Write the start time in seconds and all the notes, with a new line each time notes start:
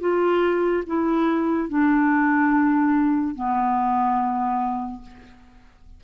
0.00 F4
0.87 E4
1.69 D4
3.35 B3